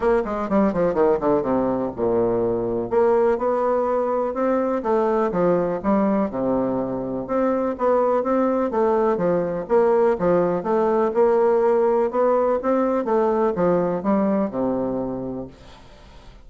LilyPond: \new Staff \with { instrumentName = "bassoon" } { \time 4/4 \tempo 4 = 124 ais8 gis8 g8 f8 dis8 d8 c4 | ais,2 ais4 b4~ | b4 c'4 a4 f4 | g4 c2 c'4 |
b4 c'4 a4 f4 | ais4 f4 a4 ais4~ | ais4 b4 c'4 a4 | f4 g4 c2 | }